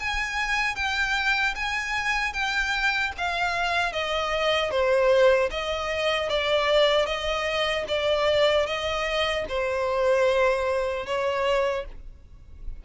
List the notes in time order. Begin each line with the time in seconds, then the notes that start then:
0.00 G#5
0.76 G5
1.55 G#5
2.34 G5
3.18 F5
3.93 D#5
4.71 C5
5.52 D#5
6.29 D5
7.06 D#5
7.88 D5
8.67 D#5
9.50 C5
11.06 C#5